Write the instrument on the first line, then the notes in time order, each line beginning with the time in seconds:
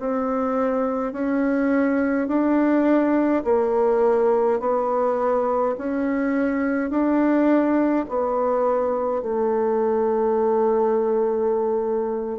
bassoon
0.00 C4
1.13 C#4
2.28 D4
3.44 A#3
4.60 B3
5.77 C#4
6.90 D4
8.09 B3
9.22 A3